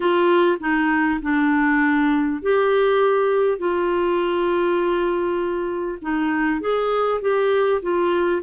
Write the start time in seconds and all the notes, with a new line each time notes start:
0.00 F4
0.60 D#4
1.22 D4
2.42 G4
3.58 F4
6.01 D#4
6.60 G#4
7.21 G4
7.82 F4